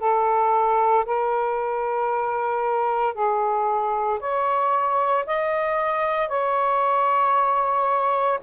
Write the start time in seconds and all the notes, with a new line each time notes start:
0.00 A4
1.06 A#4
3.14 G#4
4.20 C#5
5.27 D#5
6.29 C#5